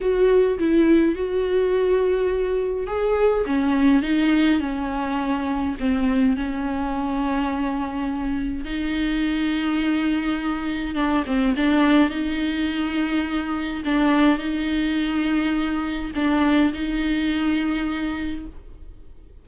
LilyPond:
\new Staff \with { instrumentName = "viola" } { \time 4/4 \tempo 4 = 104 fis'4 e'4 fis'2~ | fis'4 gis'4 cis'4 dis'4 | cis'2 c'4 cis'4~ | cis'2. dis'4~ |
dis'2. d'8 c'8 | d'4 dis'2. | d'4 dis'2. | d'4 dis'2. | }